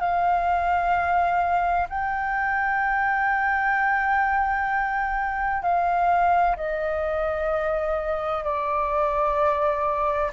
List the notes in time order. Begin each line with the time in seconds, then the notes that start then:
0.00 F5
1.89 G5
5.62 F5
6.57 D#5
8.44 D5